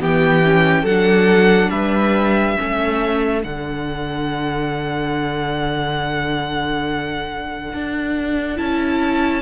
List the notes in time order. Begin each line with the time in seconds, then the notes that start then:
0.00 E3 B3 G4 G5
0.44 C#4
0.83 F#3 A4 F#5
0.89 D4
1.70 G3 B4 E5
2.57 A3 C#4 A4
3.42 D3 D4 F#5
7.74 D4
8.56 C#4 E4 A5